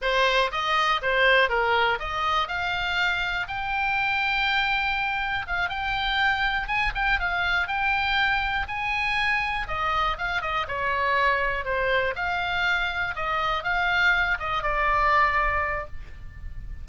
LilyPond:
\new Staff \with { instrumentName = "oboe" } { \time 4/4 \tempo 4 = 121 c''4 dis''4 c''4 ais'4 | dis''4 f''2 g''4~ | g''2. f''8 g''8~ | g''4. gis''8 g''8 f''4 g''8~ |
g''4. gis''2 dis''8~ | dis''8 f''8 dis''8 cis''2 c''8~ | c''8 f''2 dis''4 f''8~ | f''4 dis''8 d''2~ d''8 | }